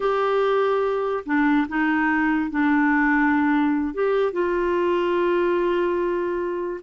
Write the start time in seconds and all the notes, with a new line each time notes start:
0.00 G4
1.25 D4
1.68 D#4
2.50 D4
3.93 G4
4.32 F4